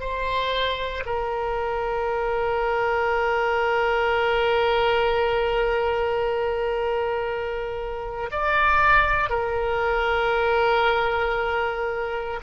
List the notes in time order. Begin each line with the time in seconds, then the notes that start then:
0.00 C5
1.05 A#4
8.31 D5
9.30 A#4